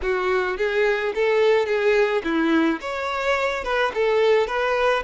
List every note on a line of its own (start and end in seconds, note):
0.02 0.57 F#4
0.57 1.13 G#4
1.14 1.65 A4
1.65 2.21 G#4
2.24 2.80 E4
2.80 3.63 C#5
3.63 3.92 B4
3.94 4.47 A4
4.47 5.03 B4